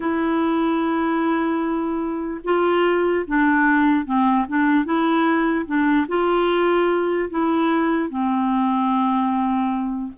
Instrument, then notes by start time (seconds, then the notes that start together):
clarinet
0.00 E4
2.44 F4
3.27 D4
4.05 C4
4.47 D4
4.84 E4
5.65 D4
6.08 F4
7.30 E4
8.09 C4